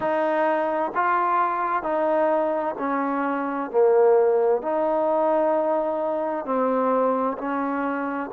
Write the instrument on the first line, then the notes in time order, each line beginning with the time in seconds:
trombone
0.00 D#4
0.94 F4
1.82 D#4
2.78 C#4
3.70 A#3
4.62 D#4
6.44 C4
7.38 C#4